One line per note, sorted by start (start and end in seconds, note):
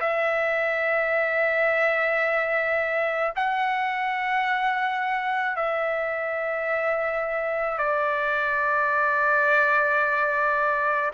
0.00 3.33 E5
3.35 5.56 F#5
5.56 7.78 E5
7.78 11.11 D5